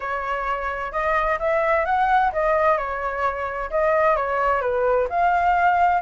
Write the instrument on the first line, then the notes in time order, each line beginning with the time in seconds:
flute
0.00 C#5
0.92 D#5
1.39 E5
1.85 F#5
2.32 D#5
2.77 C#5
3.70 D#5
4.16 C#5
4.61 B4
5.09 F5